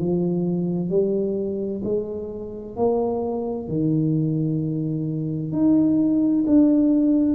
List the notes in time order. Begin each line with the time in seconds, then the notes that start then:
0.00 F3
0.90 G3
1.85 G#3
2.77 A#3
3.69 D#3
5.53 D#4
6.47 D4